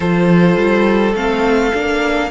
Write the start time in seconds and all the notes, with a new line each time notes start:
0.00 F3 F4 A4 C5
0.56 G3
1.14 A3 C4 F5
1.73 A#3 D4